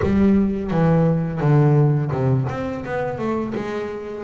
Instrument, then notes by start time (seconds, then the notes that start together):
double bass
0.02 G3
0.71 E3
1.40 D3
2.11 C3
2.49 C4
2.85 B3
3.18 A3
3.55 G#3